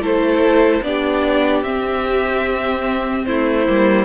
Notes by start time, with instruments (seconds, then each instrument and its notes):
0.00 cello A3, viola E4, violin A4 C5
0.83 cello B3, viola D4, violin G4 D5
1.64 cello C4, viola C4, violin E5
3.26 cello A3, violin E4 C5
3.67 cello G3, viola A#3